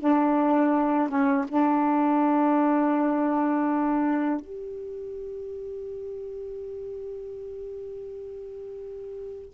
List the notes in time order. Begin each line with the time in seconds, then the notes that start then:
0.00 D4
1.09 C#4
1.49 D4
4.41 G4